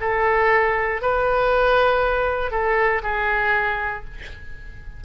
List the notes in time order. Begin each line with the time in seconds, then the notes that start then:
0.00 A4
1.02 B4
2.51 A4
3.03 G#4